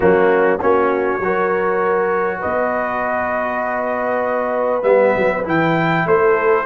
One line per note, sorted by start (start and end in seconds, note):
0.00 0.61 F#3
0.00 0.58 A#3
0.00 0.60 C#4
0.00 0.59 F#4
0.60 1.19 A#3
0.60 1.21 C#4
0.60 1.22 F#4
0.60 2.41 C#5
1.19 2.40 F#3
1.19 4.82 F#4
1.19 2.39 A#4
2.39 4.83 B3
2.39 6.02 B4
2.39 4.83 D#5
4.82 5.13 G3
4.82 5.43 B3
4.82 5.43 E5
5.16 5.46 F#3
5.44 6.06 E3
5.44 6.65 E4
5.44 6.07 G5
6.05 6.66 A3
6.05 6.66 A4
6.05 6.66 C5